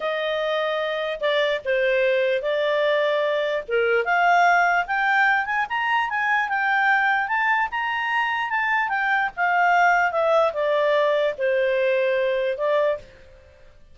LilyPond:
\new Staff \with { instrumentName = "clarinet" } { \time 4/4 \tempo 4 = 148 dis''2. d''4 | c''2 d''2~ | d''4 ais'4 f''2 | g''4. gis''8 ais''4 gis''4 |
g''2 a''4 ais''4~ | ais''4 a''4 g''4 f''4~ | f''4 e''4 d''2 | c''2. d''4 | }